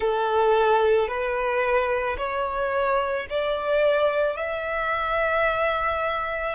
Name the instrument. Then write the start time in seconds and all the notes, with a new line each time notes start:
violin
0.00 A4
1.08 B4
2.17 C#5
3.29 D5
4.36 E5